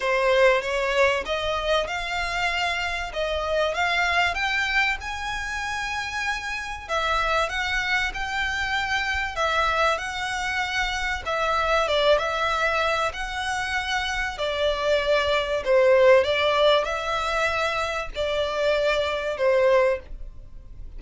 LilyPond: \new Staff \with { instrumentName = "violin" } { \time 4/4 \tempo 4 = 96 c''4 cis''4 dis''4 f''4~ | f''4 dis''4 f''4 g''4 | gis''2. e''4 | fis''4 g''2 e''4 |
fis''2 e''4 d''8 e''8~ | e''4 fis''2 d''4~ | d''4 c''4 d''4 e''4~ | e''4 d''2 c''4 | }